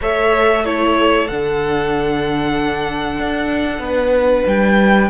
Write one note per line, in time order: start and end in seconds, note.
0.01 1.29 A3
0.01 0.64 A4
0.01 0.65 C#5
0.01 0.65 E5
0.64 1.28 E4
0.64 3.84 A4
0.64 1.27 C#5
1.27 3.19 D3
1.27 5.09 D4
1.27 4.46 F#5
3.19 3.78 D4
3.78 4.42 B3
3.85 5.09 B4
4.46 5.09 G3
4.46 5.09 G5